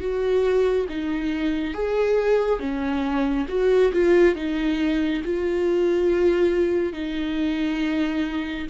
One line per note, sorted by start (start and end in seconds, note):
0.00 0.87 F#4
0.89 1.74 D#4
1.74 2.60 G#4
2.60 3.47 C#4
3.49 3.92 F#4
3.93 4.36 F4
4.36 5.23 D#4
5.25 6.93 F4
6.93 8.67 D#4